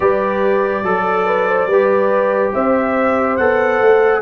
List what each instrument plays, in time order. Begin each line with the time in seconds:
0.00 tuba G3, trombone G4, horn B4, trumpet D5
0.83 tuba F#3, trombone A4, horn A4
1.26 horn B4
1.47 horn C5
1.66 tuba G3, trombone G4, horn B4
2.52 tuba C4, horn C5, trumpet E5
3.36 tuba B3, trombone A4, trumpet F#5
3.81 tuba A3